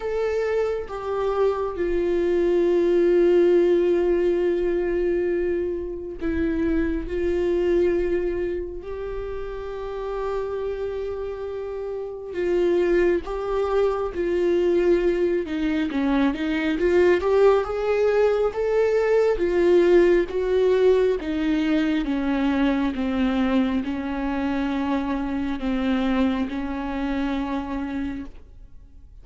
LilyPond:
\new Staff \with { instrumentName = "viola" } { \time 4/4 \tempo 4 = 68 a'4 g'4 f'2~ | f'2. e'4 | f'2 g'2~ | g'2 f'4 g'4 |
f'4. dis'8 cis'8 dis'8 f'8 g'8 | gis'4 a'4 f'4 fis'4 | dis'4 cis'4 c'4 cis'4~ | cis'4 c'4 cis'2 | }